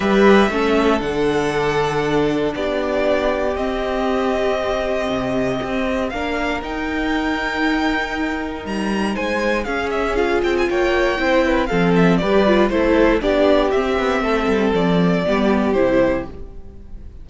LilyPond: <<
  \new Staff \with { instrumentName = "violin" } { \time 4/4 \tempo 4 = 118 e''2 fis''2~ | fis''4 d''2 dis''4~ | dis''1 | f''4 g''2.~ |
g''4 ais''4 gis''4 f''8 e''8 | f''8 g''16 gis''16 g''2 f''8 e''8 | d''4 c''4 d''4 e''4~ | e''4 d''2 c''4 | }
  \new Staff \with { instrumentName = "violin" } { \time 4/4 b'4 a'2.~ | a'4 g'2.~ | g'1 | ais'1~ |
ais'2 c''4 gis'4~ | gis'4 cis''4 c''8 b'8 a'4 | b'4 a'4 g'2 | a'2 g'2 | }
  \new Staff \with { instrumentName = "viola" } { \time 4/4 g'4 cis'4 d'2~ | d'2. c'4~ | c'1 | d'4 dis'2.~ |
dis'2. cis'4 | f'2 e'4 c'4 | g'8 f'8 e'4 d'4 c'4~ | c'2 b4 e'4 | }
  \new Staff \with { instrumentName = "cello" } { \time 4/4 g4 a4 d2~ | d4 b2 c'4~ | c'2 c4 c'4 | ais4 dis'2.~ |
dis'4 g4 gis4 cis'4~ | cis'8 c'8 ais4 c'4 f4 | g4 a4 b4 c'8 b8 | a8 g8 f4 g4 c4 | }
>>